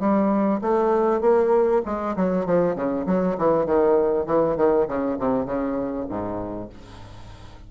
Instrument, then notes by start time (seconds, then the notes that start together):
bassoon
0.00 G3
0.61 A3
1.21 A#3
1.86 G#3
2.16 F#3
2.46 F3
2.75 C#3
3.06 F#3
3.38 E3
3.66 D#3
4.26 E3
4.57 D#3
4.88 C#3
5.19 C3
5.45 C#3
6.09 G#2